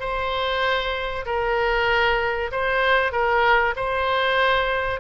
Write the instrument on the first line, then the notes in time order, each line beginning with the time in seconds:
oboe
0.00 C5
1.26 A#4
2.51 C5
3.12 A#4
3.76 C5